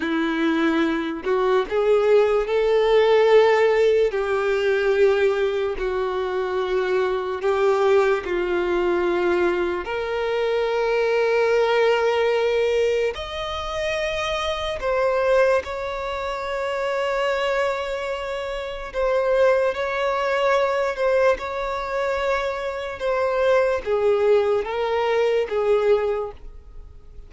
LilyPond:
\new Staff \with { instrumentName = "violin" } { \time 4/4 \tempo 4 = 73 e'4. fis'8 gis'4 a'4~ | a'4 g'2 fis'4~ | fis'4 g'4 f'2 | ais'1 |
dis''2 c''4 cis''4~ | cis''2. c''4 | cis''4. c''8 cis''2 | c''4 gis'4 ais'4 gis'4 | }